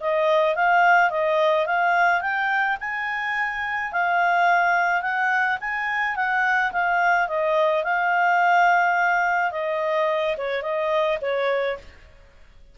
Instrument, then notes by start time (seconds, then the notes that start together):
clarinet
0.00 D#5
0.55 F5
1.10 D#5
1.66 F5
2.21 G5
2.80 G#5
3.92 F5
5.01 F#5
5.60 G#5
6.16 F#5
6.72 F5
7.27 D#5
7.84 F5
9.51 D#5
10.37 C#5
10.62 D#5
11.21 C#5